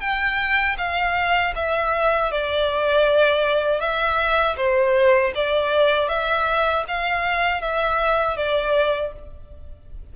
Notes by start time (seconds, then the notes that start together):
0.00 G5
0.77 F5
1.55 E5
2.31 D5
3.80 E5
4.56 C5
5.35 D5
6.08 E5
6.88 F5
7.61 E5
8.36 D5